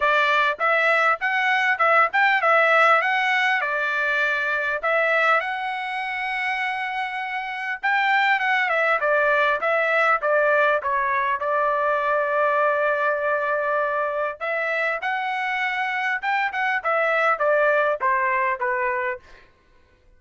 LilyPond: \new Staff \with { instrumentName = "trumpet" } { \time 4/4 \tempo 4 = 100 d''4 e''4 fis''4 e''8 g''8 | e''4 fis''4 d''2 | e''4 fis''2.~ | fis''4 g''4 fis''8 e''8 d''4 |
e''4 d''4 cis''4 d''4~ | d''1 | e''4 fis''2 g''8 fis''8 | e''4 d''4 c''4 b'4 | }